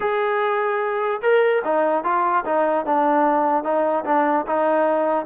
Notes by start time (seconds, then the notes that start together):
0.00 G#4
1.22 A#4
1.64 D#4
2.04 F4
2.45 D#4
2.85 D4
3.63 D#4
4.04 D4
4.46 D#4